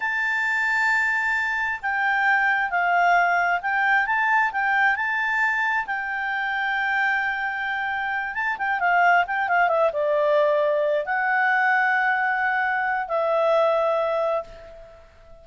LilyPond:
\new Staff \with { instrumentName = "clarinet" } { \time 4/4 \tempo 4 = 133 a''1 | g''2 f''2 | g''4 a''4 g''4 a''4~ | a''4 g''2.~ |
g''2~ g''8 a''8 g''8 f''8~ | f''8 g''8 f''8 e''8 d''2~ | d''8 fis''2.~ fis''8~ | fis''4 e''2. | }